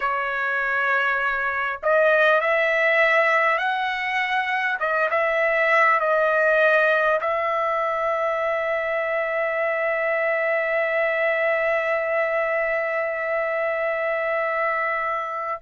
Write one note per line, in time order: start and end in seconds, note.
0.00 1.80 C#5
1.82 2.40 D#5
2.40 3.57 E5
3.57 4.77 F#5
4.79 5.09 D#5
5.10 6.00 E5
6.00 7.20 D#5
7.20 15.60 E5